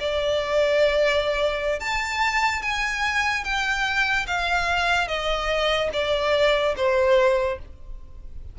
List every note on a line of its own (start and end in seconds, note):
0.00 1.80 D5
1.80 2.62 A5
2.62 3.44 G#5
3.44 4.27 G5
4.27 5.08 F5
5.08 5.90 D#5
5.93 6.75 D5
6.77 7.59 C5